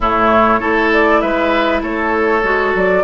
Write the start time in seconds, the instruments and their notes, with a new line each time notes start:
0.00 bassoon A2, clarinet A3, oboe E4, flute C#5
0.59 bassoon A3, clarinet E4, oboe A4
0.92 flute D5
1.20 bassoon G#3, oboe B4, flute E5
1.82 bassoon A3, oboe A4, flute C#5
2.43 bassoon G#3, clarinet F#4
2.74 bassoon F#3, flute D5